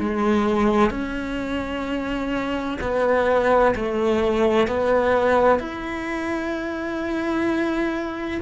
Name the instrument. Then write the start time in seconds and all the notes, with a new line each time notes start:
cello
0.00 G#3
0.91 C#4
2.81 B3
3.76 A3
4.68 B3
5.60 E4